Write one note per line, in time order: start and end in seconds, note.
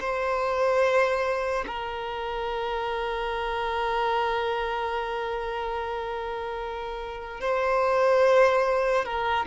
0.00 1.64 C5
1.66 7.40 A#4
7.40 9.05 C5
9.05 9.46 A#4